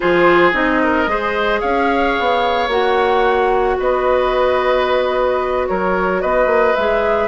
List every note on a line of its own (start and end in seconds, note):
0.00 0.52 F3
0.00 0.53 F4
0.00 0.81 G#4
0.00 0.51 C5
0.52 1.06 C4
0.52 1.07 D#4
0.52 1.61 D#5
0.83 1.10 A#4
1.06 1.60 G#3
1.06 2.69 G#4
1.06 1.60 C5
1.60 2.17 C#4
1.60 3.76 C#5
1.60 2.69 F5
2.19 2.68 B3
2.68 3.76 A#3
2.68 6.75 F#4
2.68 3.78 F#5
3.79 5.68 B3
3.79 5.68 B4
3.79 5.67 D#5
5.67 6.23 F#3
5.67 6.21 A#4
5.67 6.21 C#5
6.21 6.46 B3
6.21 7.28 B4
6.21 6.75 D#5
6.46 6.73 A#3
6.75 7.28 G#3
6.75 7.28 G#4
6.75 7.28 E5